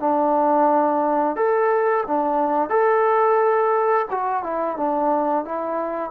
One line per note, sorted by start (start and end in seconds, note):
0.00 1.36 D4
1.36 2.05 A4
2.08 2.70 D4
2.70 4.07 A4
4.11 4.44 F#4
4.44 4.77 E4
4.77 5.45 D4
5.45 6.11 E4